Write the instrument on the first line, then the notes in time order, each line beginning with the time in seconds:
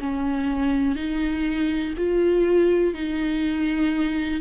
viola
0.00 C#4
0.96 D#4
1.97 F4
2.94 D#4